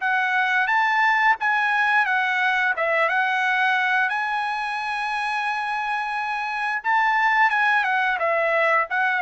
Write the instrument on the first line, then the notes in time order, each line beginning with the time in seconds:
trumpet
0.00 F#5
0.67 A5
1.39 G#5
2.05 F#5
2.76 E5
3.08 F#5
4.09 G#5
6.83 A5
7.50 G#5
7.83 F#5
8.19 E5
8.90 F#5